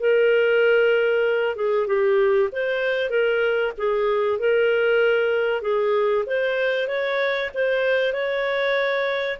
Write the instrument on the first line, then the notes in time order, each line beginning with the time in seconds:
clarinet
0.00 A#4
1.56 G#4
1.87 G4
2.52 C5
3.10 A#4
3.78 G#4
4.39 A#4
5.62 G#4
6.26 C5
6.88 C#5
7.55 C5
8.13 C#5